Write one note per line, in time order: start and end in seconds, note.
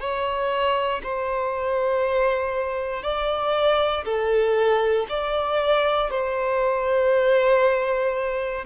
0.00 1.02 C#5
1.03 3.03 C5
3.03 4.04 D5
4.05 5.07 A4
5.09 6.11 D5
6.11 8.65 C5